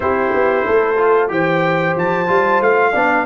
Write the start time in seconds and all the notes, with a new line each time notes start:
0.00 C4 E4 G4 C5
0.33 B3
0.65 A3 A4
0.96 F4
1.28 E3 G4 C5 G5
1.96 F3 A5
2.27 G3 F4
2.60 A3 F5
2.92 B3 D4 D5